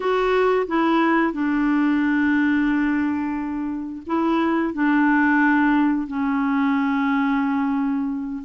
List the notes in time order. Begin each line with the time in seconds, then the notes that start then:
0.00 F#4
0.67 E4
1.32 D4
4.06 E4
4.73 D4
6.07 C#4